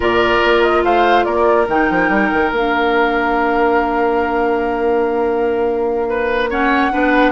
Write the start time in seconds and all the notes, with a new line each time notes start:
0.00 A#2 F4 A#4 D5
0.44 A#3
0.62 D#5
0.83 A3 C5 F5
1.24 A#3 A#4 D5
1.68 D#3 D#4 G5
1.90 F3
2.09 G3
2.32 D#3
2.51 A#3 D4 F5
6.09 B4
6.50 C#4 C#5 F#5
6.91 B3 D4 B4